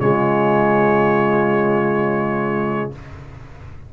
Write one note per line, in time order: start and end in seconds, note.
0.00 2.93 C#3
0.00 2.93 G#3
0.00 2.94 F4
0.00 2.93 C#5